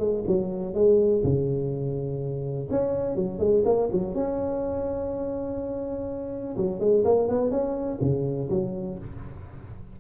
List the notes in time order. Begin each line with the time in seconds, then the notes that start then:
0.00 G#3
0.27 F#3
0.75 G#3
1.24 C#3
2.71 C#4
3.16 F#3
3.39 G#3
3.66 A#3
3.93 F#3
4.15 C#4
6.58 F#3
6.80 G#3
7.05 A#3
7.29 B3
7.51 C#4
8.01 C#3
8.50 F#3